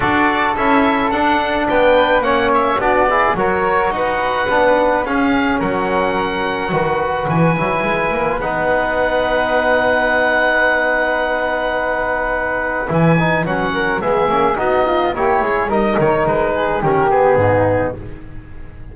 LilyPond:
<<
  \new Staff \with { instrumentName = "oboe" } { \time 4/4 \tempo 4 = 107 d''4 e''4 fis''4 g''4 | fis''8 e''8 d''4 cis''4 fis''4~ | fis''4 f''4 fis''2~ | fis''4 gis''2 fis''4~ |
fis''1~ | fis''2. gis''4 | fis''4 e''4 dis''4 cis''4 | dis''8 cis''8 b'4 ais'8 gis'4. | }
  \new Staff \with { instrumentName = "flute" } { \time 4/4 a'2. b'4 | cis''4 fis'8 gis'8 ais'4 b'4~ | b'4 gis'4 ais'2 | b'1~ |
b'1~ | b'1~ | b'8 ais'8 gis'4 fis'8 f'8 g'8 gis'8 | ais'4. gis'8 g'4 dis'4 | }
  \new Staff \with { instrumentName = "trombone" } { \time 4/4 fis'4 e'4 d'2 | cis'4 d'8 e'8 fis'2 | d'4 cis'2. | fis'4. e'4. dis'4~ |
dis'1~ | dis'2. e'8 dis'8 | cis'4 b8 cis'8 dis'4 e'4 | dis'2 cis'8 b4. | }
  \new Staff \with { instrumentName = "double bass" } { \time 4/4 d'4 cis'4 d'4 b4 | ais4 b4 fis4 dis'4 | b4 cis'4 fis2 | dis4 e8 fis8 gis8 ais8 b4~ |
b1~ | b2. e4 | fis4 gis8 ais8 b4 ais8 gis8 | g8 dis8 gis4 dis4 gis,4 | }
>>